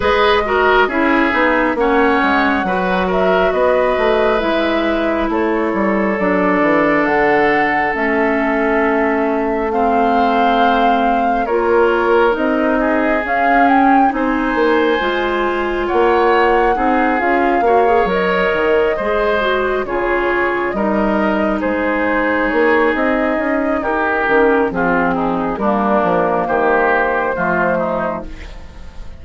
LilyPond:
<<
  \new Staff \with { instrumentName = "flute" } { \time 4/4 \tempo 4 = 68 dis''4 e''4 fis''4. e''8 | dis''4 e''4 cis''4 d''4 | fis''4 e''2 f''4~ | f''4 cis''4 dis''4 f''8 g''8 |
gis''2 fis''4. f''8~ | f''8 dis''2 cis''4 dis''8~ | dis''8 c''4 cis''8 dis''4 ais'4 | gis'4 ais'4 c''2 | }
  \new Staff \with { instrumentName = "oboe" } { \time 4/4 b'8 ais'8 gis'4 cis''4 b'8 ais'8 | b'2 a'2~ | a'2. c''4~ | c''4 ais'4. gis'4. |
c''2 cis''4 gis'4 | cis''4. c''4 gis'4 ais'8~ | ais'8 gis'2~ gis'8 g'4 | f'8 dis'8 d'4 g'4 f'8 dis'8 | }
  \new Staff \with { instrumentName = "clarinet" } { \time 4/4 gis'8 fis'8 e'8 dis'8 cis'4 fis'4~ | fis'4 e'2 d'4~ | d'4 cis'2 c'4~ | c'4 f'4 dis'4 cis'4 |
dis'4 f'2 dis'8 f'8 | fis'16 gis'16 ais'4 gis'8 fis'8 f'4 dis'8~ | dis'2.~ dis'8 cis'8 | c'4 ais2 a4 | }
  \new Staff \with { instrumentName = "bassoon" } { \time 4/4 gis4 cis'8 b8 ais8 gis8 fis4 | b8 a8 gis4 a8 g8 fis8 e8 | d4 a2.~ | a4 ais4 c'4 cis'4 |
c'8 ais8 gis4 ais4 c'8 cis'8 | ais8 fis8 dis8 gis4 cis4 g8~ | g8 gis4 ais8 c'8 cis'8 dis'8 dis8 | f4 g8 f8 dis4 f4 | }
>>